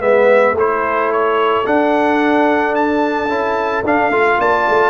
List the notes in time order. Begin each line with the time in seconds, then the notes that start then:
0.00 G#3 B3 B4 E5
0.54 A3 E4 C5
0.61 A4
1.12 C#5
1.65 D4 F#5
2.75 A5
3.28 C#4 E4
3.83 D4 F5
4.10 A3 F4
4.39 A#3 D5 A5
4.69 A3